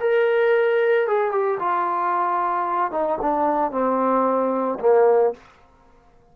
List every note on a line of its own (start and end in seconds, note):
0.00 1.07 A#4
1.07 1.31 G#4
1.31 1.58 G4
1.59 2.91 F4
2.91 3.18 D#4
3.21 3.71 D4
3.71 4.78 C4
4.80 5.33 A#3